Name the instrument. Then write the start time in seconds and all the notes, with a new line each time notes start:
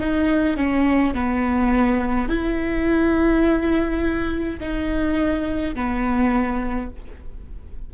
viola
0.00 D#4
0.57 C#4
1.14 B3
2.29 E4
4.60 D#4
5.75 B3